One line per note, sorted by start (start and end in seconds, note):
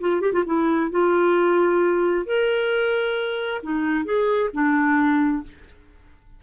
0.00 0.21 F4
0.21 0.32 G4
0.32 0.43 F4
0.45 0.90 E4
0.90 2.26 F4
2.26 3.61 A#4
3.62 4.04 D#4
4.04 4.49 G#4
4.53 5.43 D4